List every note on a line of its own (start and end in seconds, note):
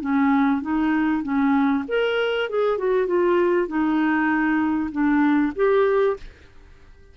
0.00 0.61 C#4
0.61 1.22 D#4
1.22 1.84 C#4
1.88 2.49 A#4
2.49 2.78 G#4
2.78 3.07 F#4
3.07 3.67 F4
3.67 4.90 D#4
4.91 5.52 D4
5.55 6.16 G4